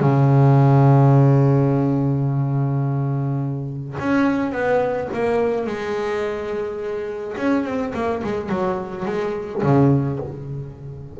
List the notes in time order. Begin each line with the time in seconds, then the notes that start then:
0.00 C#3
3.99 C#4
4.52 B3
5.13 A#3
5.66 G#3
7.37 C#4
7.64 C4
7.94 A#3
8.24 G#3
8.49 F#3
9.05 G#3
9.63 C#3